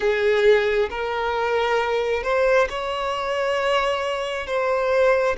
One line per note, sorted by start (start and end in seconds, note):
0.00 0.89 G#4
0.90 2.23 A#4
2.23 2.67 C5
2.69 4.47 C#5
4.47 5.36 C5